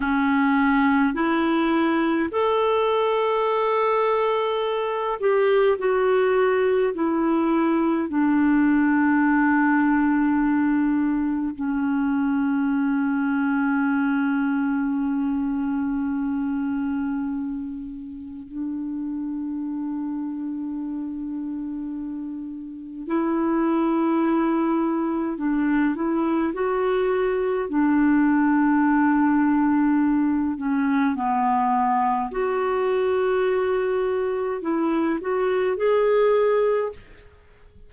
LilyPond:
\new Staff \with { instrumentName = "clarinet" } { \time 4/4 \tempo 4 = 52 cis'4 e'4 a'2~ | a'8 g'8 fis'4 e'4 d'4~ | d'2 cis'2~ | cis'1 |
d'1 | e'2 d'8 e'8 fis'4 | d'2~ d'8 cis'8 b4 | fis'2 e'8 fis'8 gis'4 | }